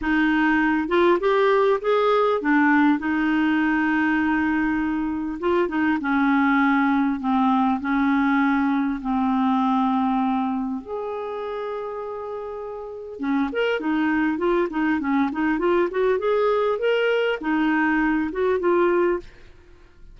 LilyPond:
\new Staff \with { instrumentName = "clarinet" } { \time 4/4 \tempo 4 = 100 dis'4. f'8 g'4 gis'4 | d'4 dis'2.~ | dis'4 f'8 dis'8 cis'2 | c'4 cis'2 c'4~ |
c'2 gis'2~ | gis'2 cis'8 ais'8 dis'4 | f'8 dis'8 cis'8 dis'8 f'8 fis'8 gis'4 | ais'4 dis'4. fis'8 f'4 | }